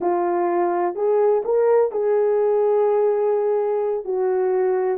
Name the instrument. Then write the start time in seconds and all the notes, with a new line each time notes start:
horn
0.01 F4
0.95 G#4
1.45 A#4
1.91 G#4
4.05 F#4